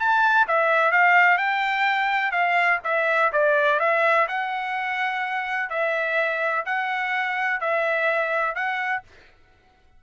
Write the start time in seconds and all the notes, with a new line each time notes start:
0.00 A5
0.48 E5
0.92 F5
1.38 G5
2.32 F5
2.84 E5
3.33 D5
3.80 E5
4.28 F#5
5.70 E5
6.66 F#5
7.61 E5
8.56 F#5